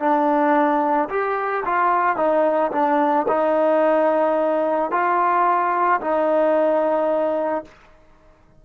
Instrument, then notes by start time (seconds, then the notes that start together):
trombone
0.00 D4
1.10 G4
1.66 F4
2.17 D#4
2.72 D4
3.28 D#4
4.91 F4
6.01 D#4